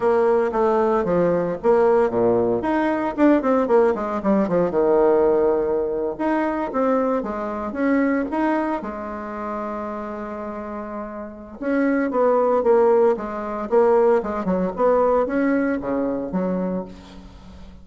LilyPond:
\new Staff \with { instrumentName = "bassoon" } { \time 4/4 \tempo 4 = 114 ais4 a4 f4 ais4 | ais,4 dis'4 d'8 c'8 ais8 gis8 | g8 f8 dis2~ dis8. dis'16~ | dis'8. c'4 gis4 cis'4 dis'16~ |
dis'8. gis2.~ gis16~ | gis2 cis'4 b4 | ais4 gis4 ais4 gis8 fis8 | b4 cis'4 cis4 fis4 | }